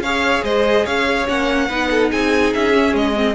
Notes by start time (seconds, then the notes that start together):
0.00 C#4 G#4 C#5 F5
0.44 G#3 C5 D#5
0.85 C#4 C#5 F5
1.27 A#3 C#4 F#5
1.68 B3 D#4 B4
1.91 A4
2.11 C4 G#4 G#5
2.54 C#4 E5
2.73 C#4
2.94 G#3 D#5
3.16 C4